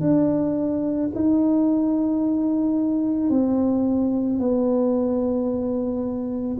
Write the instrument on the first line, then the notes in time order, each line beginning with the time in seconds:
tuba
0.00 D4
1.15 D#4
3.30 C4
4.39 B3